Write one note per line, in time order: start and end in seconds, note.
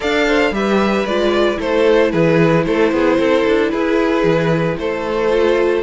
0.00 0.51 D4
0.00 0.53 A4
0.00 0.26 D5
0.00 0.53 F5
0.26 0.53 C5
0.51 1.04 G3
0.51 1.06 G4
0.51 1.58 B4
0.51 1.06 E5
1.04 1.58 G#3
1.04 1.56 F4
1.04 1.59 D5
1.56 2.13 A3
1.56 5.28 E4
1.56 2.11 A4
1.56 2.11 C5
2.11 2.66 E3
2.11 2.64 G#4
2.11 2.64 B4
2.65 2.91 A3
2.65 2.93 A4
2.65 3.70 C5
2.91 3.18 B3
2.91 3.18 G#4
3.18 3.45 C4
3.18 3.71 A4
3.46 3.72 D4
3.70 4.23 E4
3.70 4.77 G#4
3.70 4.76 B4
4.23 4.76 E3
4.77 5.83 A3
4.77 5.83 A4
4.77 5.83 C5
5.30 5.83 F4